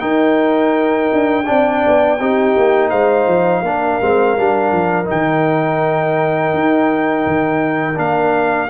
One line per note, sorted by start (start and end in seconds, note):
0.00 1.45 D#4
0.00 1.11 D#4
0.00 1.46 A#4
0.00 2.89 G5
1.13 1.49 D4
1.46 1.86 C4
1.46 2.18 D4
1.46 2.20 D5
1.87 2.20 B3
2.20 2.56 C4
2.20 3.65 D#4
2.20 2.90 G4
2.58 2.92 A#3
2.90 3.27 G#3
2.90 3.62 C5
2.90 5.07 F5
3.27 3.62 F3
3.62 3.98 A#3
3.62 4.01 D4
3.62 8.70 A#4
4.02 4.38 G#3
4.02 4.38 C4
4.38 4.72 G3
4.38 5.05 D4
4.72 5.08 F3
5.05 7.94 D#4
5.05 7.99 G5
5.12 6.54 D#3
6.54 7.26 D#4
7.27 7.98 D#3
7.95 8.70 A#3
7.95 8.68 D4
7.95 8.70 F5